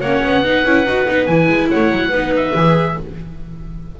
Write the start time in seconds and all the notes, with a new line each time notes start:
0.00 A#3 C#4 C#5 F#5
0.23 B3
0.44 D#4 B4
0.65 C#4 E4
0.85 D#4 F#4
1.07 B3 D#4
1.26 E3 E4 G#5
1.48 G#3
1.71 A3 C#5 F#5
1.91 F#3
2.09 B3 D#4 B4
2.36 E5
2.55 E3 G#4